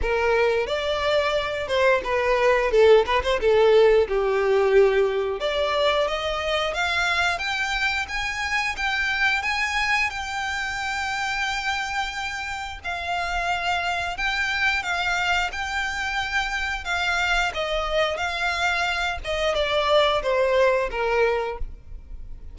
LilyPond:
\new Staff \with { instrumentName = "violin" } { \time 4/4 \tempo 4 = 89 ais'4 d''4. c''8 b'4 | a'8 b'16 c''16 a'4 g'2 | d''4 dis''4 f''4 g''4 | gis''4 g''4 gis''4 g''4~ |
g''2. f''4~ | f''4 g''4 f''4 g''4~ | g''4 f''4 dis''4 f''4~ | f''8 dis''8 d''4 c''4 ais'4 | }